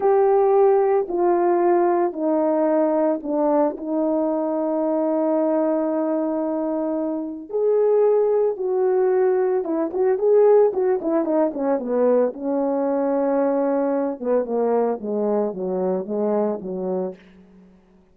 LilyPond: \new Staff \with { instrumentName = "horn" } { \time 4/4 \tempo 4 = 112 g'2 f'2 | dis'2 d'4 dis'4~ | dis'1~ | dis'2 gis'2 |
fis'2 e'8 fis'8 gis'4 | fis'8 e'8 dis'8 cis'8 b4 cis'4~ | cis'2~ cis'8 b8 ais4 | gis4 fis4 gis4 fis4 | }